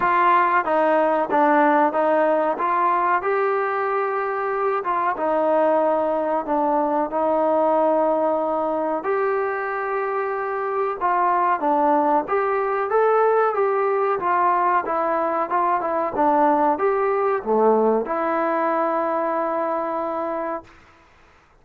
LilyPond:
\new Staff \with { instrumentName = "trombone" } { \time 4/4 \tempo 4 = 93 f'4 dis'4 d'4 dis'4 | f'4 g'2~ g'8 f'8 | dis'2 d'4 dis'4~ | dis'2 g'2~ |
g'4 f'4 d'4 g'4 | a'4 g'4 f'4 e'4 | f'8 e'8 d'4 g'4 a4 | e'1 | }